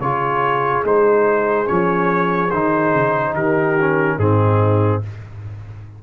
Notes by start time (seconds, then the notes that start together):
0.00 C#3 F4 G#4 C#5
0.84 G#3 D#4 C5
1.66 F3 C#4 C#5
2.51 D#3 D#4 C5
2.94 C#3
3.34 D#3 G4 A#4
3.80 C#4
4.18 G#2 C4 D#4 G#4